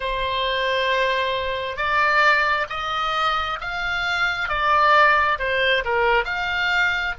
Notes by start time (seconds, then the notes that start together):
0.00 C5
1.77 D5
2.69 D#5
3.60 F5
4.49 D5
5.38 C5
5.84 A#4
6.24 F5